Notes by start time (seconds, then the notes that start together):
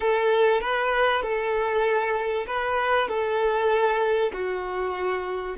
0.00 A4
0.60 B4
1.22 A4
2.46 B4
3.08 A4
4.32 F#4